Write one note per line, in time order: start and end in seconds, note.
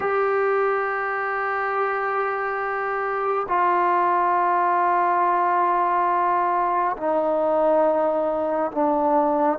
0.00 3.47 G4
3.48 6.96 F4
6.97 8.71 D#4
8.72 9.58 D4